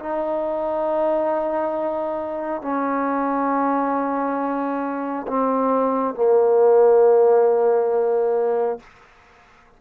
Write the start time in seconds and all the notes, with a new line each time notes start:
0.00 D#4
2.62 C#4
5.28 C4
6.15 A#3